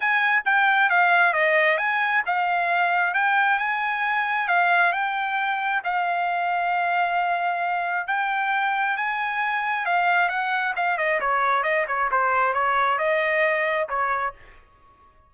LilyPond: \new Staff \with { instrumentName = "trumpet" } { \time 4/4 \tempo 4 = 134 gis''4 g''4 f''4 dis''4 | gis''4 f''2 g''4 | gis''2 f''4 g''4~ | g''4 f''2.~ |
f''2 g''2 | gis''2 f''4 fis''4 | f''8 dis''8 cis''4 dis''8 cis''8 c''4 | cis''4 dis''2 cis''4 | }